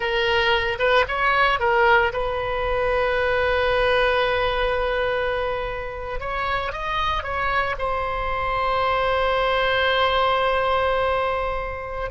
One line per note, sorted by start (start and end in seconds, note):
0.00 0.78 A#4
0.78 1.05 B4
1.07 1.59 C#5
1.59 2.12 A#4
2.12 6.20 B4
6.20 6.72 C#5
6.72 7.23 D#5
7.23 7.75 C#5
7.78 12.11 C5